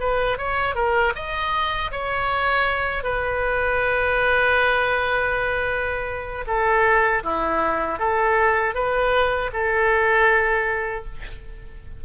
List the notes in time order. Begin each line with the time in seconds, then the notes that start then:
0.00 B4
0.38 C#5
0.75 A#4
1.15 D#5
1.92 C#5
3.03 B4
6.47 A4
7.24 E4
7.99 A4
8.75 B4
9.53 A4